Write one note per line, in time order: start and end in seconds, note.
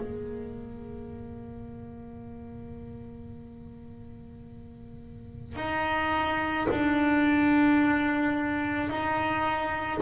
0.00 5.56 A#3
5.56 6.67 D#4
6.70 8.89 D4
8.89 10.01 D#4